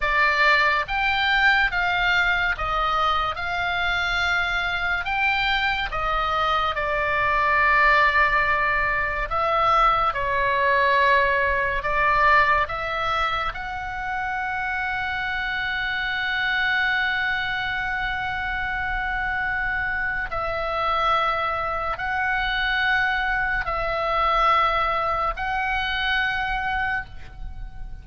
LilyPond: \new Staff \with { instrumentName = "oboe" } { \time 4/4 \tempo 4 = 71 d''4 g''4 f''4 dis''4 | f''2 g''4 dis''4 | d''2. e''4 | cis''2 d''4 e''4 |
fis''1~ | fis''1 | e''2 fis''2 | e''2 fis''2 | }